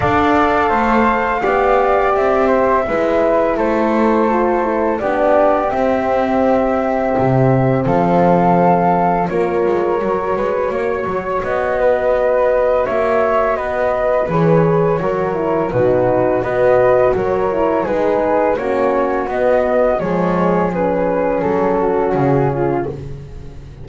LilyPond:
<<
  \new Staff \with { instrumentName = "flute" } { \time 4/4 \tempo 4 = 84 f''2. e''4~ | e''4 c''2 d''4 | e''2. f''4~ | f''4 cis''2. |
dis''2 e''4 dis''4 | cis''2 b'4 dis''4 | cis''4 b'4 cis''4 dis''4 | cis''4 b'4 a'4 gis'4 | }
  \new Staff \with { instrumentName = "flute" } { \time 4/4 d''4 c''4 d''4. c''8 | b'4 a'2 g'4~ | g'2. a'4~ | a'4 ais'4. b'8 cis''4~ |
cis''8 b'4. cis''4 b'4~ | b'4 ais'4 fis'4 b'4 | ais'4 gis'4 fis'2 | gis'2~ gis'8 fis'4 f'8 | }
  \new Staff \with { instrumentName = "horn" } { \time 4/4 a'2 g'2 | e'2 f'8 e'8 d'4 | c'1~ | c'4 f'4 fis'2~ |
fis'1 | gis'4 fis'8 e'8 dis'4 fis'4~ | fis'8 e'8 dis'4 cis'4 b4 | gis4 cis'2. | }
  \new Staff \with { instrumentName = "double bass" } { \time 4/4 d'4 a4 b4 c'4 | gis4 a2 b4 | c'2 c4 f4~ | f4 ais8 gis8 fis8 gis8 ais8 fis8 |
b2 ais4 b4 | e4 fis4 b,4 b4 | fis4 gis4 ais4 b4 | f2 fis4 cis4 | }
>>